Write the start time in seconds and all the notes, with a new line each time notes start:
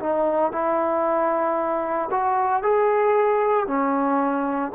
0.00 D#4
0.52 E4
2.11 F#4
2.63 G#4
3.67 C#4